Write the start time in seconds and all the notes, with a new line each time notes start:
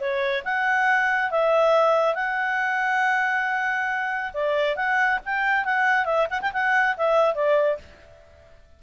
0.00 C#5
0.45 F#5
1.31 E5
2.15 F#5
4.34 D5
4.76 F#5
5.25 G5
5.65 F#5
6.06 E5
6.30 F#5
6.41 G5
6.53 F#5
6.97 E5
7.35 D5